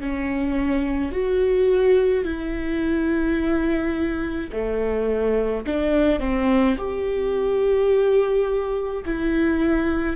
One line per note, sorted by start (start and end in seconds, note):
0.00 1.12 C#4
1.12 2.24 F#4
2.24 4.51 E4
4.52 5.66 A3
5.67 6.20 D4
6.20 6.76 C4
6.78 9.04 G4
9.05 10.16 E4